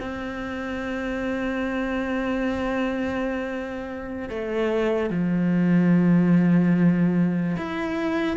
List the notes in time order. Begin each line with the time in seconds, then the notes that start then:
0.00 C4
4.29 A3
5.10 F3
7.58 E4